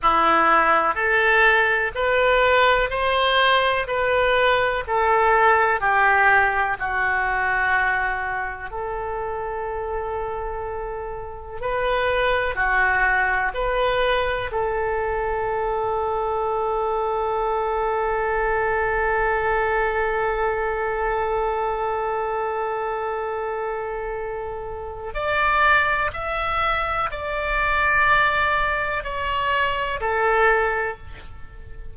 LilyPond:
\new Staff \with { instrumentName = "oboe" } { \time 4/4 \tempo 4 = 62 e'4 a'4 b'4 c''4 | b'4 a'4 g'4 fis'4~ | fis'4 a'2. | b'4 fis'4 b'4 a'4~ |
a'1~ | a'1~ | a'2 d''4 e''4 | d''2 cis''4 a'4 | }